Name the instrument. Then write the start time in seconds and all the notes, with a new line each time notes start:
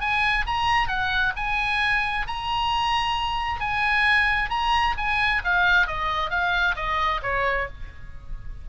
oboe
0.00 G#5
0.46 A#5
0.88 F#5
1.36 G#5
2.27 A#5
3.60 G#5
4.49 A#5
4.97 G#5
5.44 F5
5.87 D#5
6.30 F5
6.75 D#5
7.22 C#5